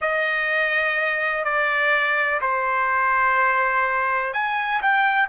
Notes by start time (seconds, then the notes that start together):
0.01 D#5
1.44 D5
2.41 C5
4.33 G#5
4.82 G5